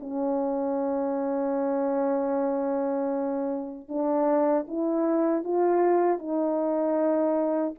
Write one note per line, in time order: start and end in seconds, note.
0.00 3.89 C#4
3.89 4.67 D4
4.68 5.44 E4
5.44 6.19 F4
6.19 7.75 D#4